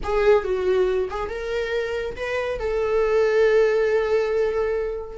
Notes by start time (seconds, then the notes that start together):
0.03 G#4
0.44 F#4
1.09 G#4
1.29 A#4
2.16 B4
2.59 A4